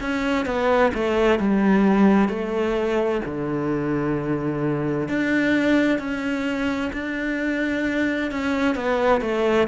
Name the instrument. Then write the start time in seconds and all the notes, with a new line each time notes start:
cello
0.00 C#4
0.45 B3
0.94 A3
1.39 G3
2.28 A3
3.25 D3
5.08 D4
5.99 C#4
6.93 D4
8.31 C#4
8.75 B3
9.21 A3